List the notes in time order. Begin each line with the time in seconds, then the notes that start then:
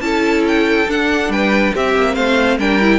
0.00 C#4 E4 A4 A5
0.47 G5
0.87 D4 F#5
1.28 G3 B4 G5
1.73 C4 G4 E5
1.95 A#3
2.14 A3 C5 F5
2.58 G3 D4 A#4 G5
2.80 E4